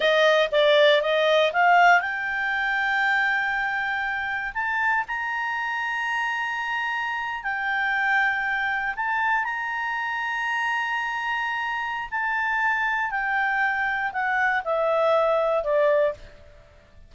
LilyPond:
\new Staff \with { instrumentName = "clarinet" } { \time 4/4 \tempo 4 = 119 dis''4 d''4 dis''4 f''4 | g''1~ | g''4 a''4 ais''2~ | ais''2~ ais''8. g''4~ g''16~ |
g''4.~ g''16 a''4 ais''4~ ais''16~ | ais''1 | a''2 g''2 | fis''4 e''2 d''4 | }